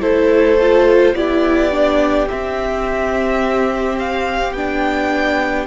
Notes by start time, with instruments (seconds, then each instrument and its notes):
0.00 cello A3, viola E4, violin A4 C5
0.60 viola F4
1.13 cello B3, viola E4, violin G4 D5
1.71 viola D4
2.29 viola C4, cello C4, violin E5
3.98 violin F5
4.53 cello B3, viola D4, violin G5